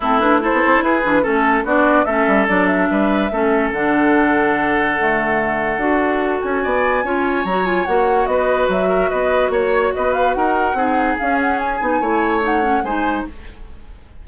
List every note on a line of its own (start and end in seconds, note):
0.00 0.52 A3
0.00 0.20 C4
0.00 0.40 E4
0.00 0.20 A4
0.20 0.40 D4
0.20 0.41 B4
0.40 1.02 E4
0.40 0.83 A4
0.40 0.82 C5
0.52 0.63 B3
0.65 0.75 C4
0.76 0.81 D4
0.76 1.01 E4
0.76 1.24 B4
0.83 1.22 G#4
1.03 1.25 E3
1.03 1.22 D4
1.22 1.64 A3
1.22 1.64 C#4
1.22 1.64 A4
1.22 1.65 A4
1.64 2.05 B3
1.64 2.06 D4
1.64 2.05 F#4
1.64 2.04 D5
2.04 2.26 A3
2.04 2.48 C#4
2.04 2.88 A4
2.04 2.46 E5
2.27 2.48 G3
2.47 2.89 F#3
2.47 3.31 D4
2.47 2.66 D5
2.66 3.69 E5
2.90 3.31 G3
2.90 3.32 B4
3.31 3.71 A3
3.31 3.73 C#4
3.31 6.63 A4
3.71 5.77 D3
3.71 4.99 D4
3.71 6.41 F#5
4.99 5.79 A3
5.77 6.39 D4
5.77 7.03 F#4
6.41 6.64 C#4
6.41 7.45 G#5
6.63 7.03 B3
6.63 7.04 D5
7.03 7.44 C#4
7.03 7.45 F4
7.03 8.29 C#5
7.44 7.86 F#3
7.44 7.65 F#4
7.44 7.65 A#5
7.65 7.86 F4
7.65 7.85 G#5
7.85 8.26 A#3
7.85 10.76 F#4
7.85 8.26 F#5
8.26 8.67 B3
8.26 8.88 B4
8.26 8.67 D#5
8.68 9.09 F#3
8.68 9.09 E5
8.88 9.09 A#4
9.09 9.49 B3
9.09 9.51 B4
9.09 9.50 D#5
9.49 9.91 A#3
9.49 9.93 C#5
9.94 10.35 B3
9.94 10.36 B4
9.94 10.12 D#5
10.12 10.33 F5
10.33 10.73 D#4
10.33 10.76 A#4
10.33 11.16 F#5
10.73 11.15 C4
10.73 11.18 D#4
10.73 12.00 G#4
11.18 11.80 C#4
11.18 11.39 F5
11.40 11.58 F#5
11.58 12.41 G#5
11.80 12.00 B3
11.80 12.01 D#4
12.00 12.82 A3
12.00 12.41 E4
12.00 12.83 C#5
12.41 12.61 D#4
12.41 12.84 F#5
12.61 12.82 C#4
12.82 13.24 G#3
12.82 13.27 D#4
12.82 13.25 C5
12.82 13.26 G#5